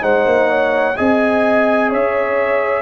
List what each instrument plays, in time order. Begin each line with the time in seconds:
0.00 tuba G#3, trombone D#4, horn C5, trumpet F#5
0.26 tuba A#3
0.48 horn C#5
0.97 tuba C4, trombone G#4, horn D#5, trumpet G#5
1.89 tuba C#4, horn C#5, trumpet E5